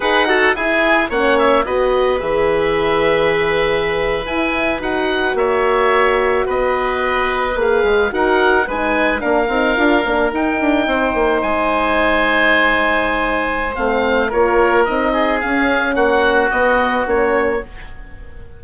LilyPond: <<
  \new Staff \with { instrumentName = "oboe" } { \time 4/4 \tempo 4 = 109 fis''4 gis''4 fis''8 e''8 dis''4 | e''2.~ e''8. gis''16~ | gis''8. fis''4 e''2 dis''16~ | dis''4.~ dis''16 f''4 fis''4 gis''16~ |
gis''8. f''2 g''4~ g''16~ | g''8. gis''2.~ gis''16~ | gis''4 f''4 cis''4 dis''4 | f''4 fis''4 dis''4 cis''4 | }
  \new Staff \with { instrumentName = "oboe" } { \time 4/4 b'8 a'8 gis'4 cis''4 b'4~ | b'1~ | b'4.~ b'16 cis''2 b'16~ | b'2~ b'8. ais'4 b'16~ |
b'8. ais'2. c''16~ | c''1~ | c''2 ais'4. gis'8~ | gis'4 fis'2. | }
  \new Staff \with { instrumentName = "horn" } { \time 4/4 gis'8 fis'8 e'4 cis'4 fis'4 | gis'2.~ gis'8. e'16~ | e'8. fis'2.~ fis'16~ | fis'4.~ fis'16 gis'4 fis'4 dis'16~ |
dis'8. d'8 dis'8 f'8 d'8 dis'4~ dis'16~ | dis'1~ | dis'4 c'4 f'4 dis'4 | cis'2 b4 cis'4 | }
  \new Staff \with { instrumentName = "bassoon" } { \time 4/4 dis'4 e'4 ais4 b4 | e2.~ e8. e'16~ | e'8. dis'4 ais2 b16~ | b4.~ b16 ais8 gis8 dis'4 gis16~ |
gis8. ais8 c'8 d'8 ais8 dis'8 d'8 c'16~ | c'16 ais8 gis2.~ gis16~ | gis4 a4 ais4 c'4 | cis'4 ais4 b4 ais4 | }
>>